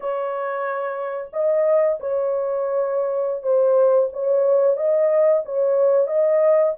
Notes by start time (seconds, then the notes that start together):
0.00 C#5
1.32 D#5
2.00 C#5
3.42 C5
4.12 C#5
4.76 D#5
5.45 C#5
6.07 D#5